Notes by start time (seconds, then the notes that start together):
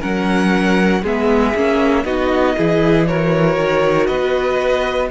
0.00 F#3 C#4 A#4 F#5
1.02 G#3 B3 G#4 E5
1.55 A#3 C#4
2.04 B3 D#4 F#4 D#5
2.56 E3 E4 G#4
3.07 F#4 A#4 C#5
3.57 D#3
4.06 B3 B4 D#5